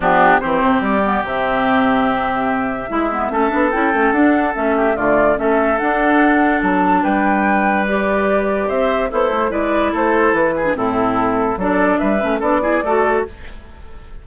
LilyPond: <<
  \new Staff \with { instrumentName = "flute" } { \time 4/4 \tempo 4 = 145 g'4 c''4 d''4 e''4~ | e''1~ | e''4 g''4 fis''4 e''4 | d''4 e''4 fis''2 |
a''4 g''2 d''4~ | d''4 e''4 c''4 d''4 | c''4 b'4 a'2 | d''4 e''4 d''2 | }
  \new Staff \with { instrumentName = "oboe" } { \time 4/4 d'4 g'2.~ | g'2. e'4 | a'2.~ a'8 g'8 | f'4 a'2.~ |
a'4 b'2.~ | b'4 c''4 e'4 b'4 | a'4. gis'8 e'2 | a'4 b'4 a'8 gis'8 a'4 | }
  \new Staff \with { instrumentName = "clarinet" } { \time 4/4 b4 c'4. b8 c'4~ | c'2. e'8 b8 | cis'8 d'8 e'8 cis'8 d'4 cis'4 | a4 cis'4 d'2~ |
d'2. g'4~ | g'2 a'4 e'4~ | e'4.~ e'16 d'16 c'2 | d'4. cis'8 d'8 e'8 fis'4 | }
  \new Staff \with { instrumentName = "bassoon" } { \time 4/4 f4 e8 c8 g4 c4~ | c2. gis4 | a8 b8 cis'8 a8 d'4 a4 | d4 a4 d'2 |
fis4 g2.~ | g4 c'4 b8 a8 gis4 | a4 e4 a,2 | fis4 g8 a8 b4 a4 | }
>>